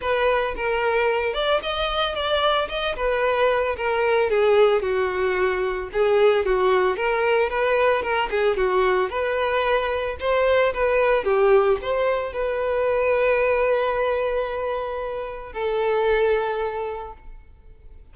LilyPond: \new Staff \with { instrumentName = "violin" } { \time 4/4 \tempo 4 = 112 b'4 ais'4. d''8 dis''4 | d''4 dis''8 b'4. ais'4 | gis'4 fis'2 gis'4 | fis'4 ais'4 b'4 ais'8 gis'8 |
fis'4 b'2 c''4 | b'4 g'4 c''4 b'4~ | b'1~ | b'4 a'2. | }